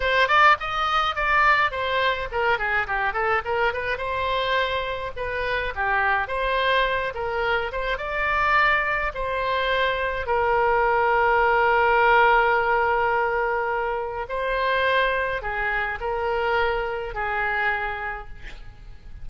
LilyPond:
\new Staff \with { instrumentName = "oboe" } { \time 4/4 \tempo 4 = 105 c''8 d''8 dis''4 d''4 c''4 | ais'8 gis'8 g'8 a'8 ais'8 b'8 c''4~ | c''4 b'4 g'4 c''4~ | c''8 ais'4 c''8 d''2 |
c''2 ais'2~ | ais'1~ | ais'4 c''2 gis'4 | ais'2 gis'2 | }